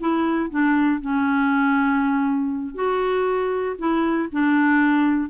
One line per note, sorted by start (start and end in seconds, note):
0.00 0.50 E4
0.50 1.01 D4
1.01 2.75 C#4
2.75 3.76 F#4
3.79 4.29 E4
4.32 5.30 D4